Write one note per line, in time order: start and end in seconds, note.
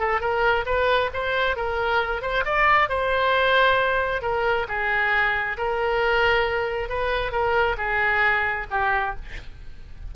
0.00 0.21 A4
0.21 0.65 A#4
0.66 1.11 B4
1.14 1.57 C5
1.57 2.22 A#4
2.22 2.44 C5
2.45 2.89 D5
2.89 4.22 C5
4.22 4.67 A#4
4.69 5.58 G#4
5.58 6.90 A#4
6.90 7.32 B4
7.32 7.77 A#4
7.78 8.67 G#4
8.71 9.16 G4